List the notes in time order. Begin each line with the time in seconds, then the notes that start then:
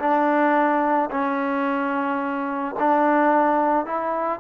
0.00 D4
1.11 C#4
2.80 D4
3.86 E4